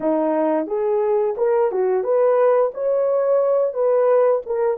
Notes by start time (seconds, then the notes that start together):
0.00 D#4
0.67 G#4
1.37 A#4
1.71 F#4
2.03 B4
2.74 C#5
3.73 B4
4.46 A#4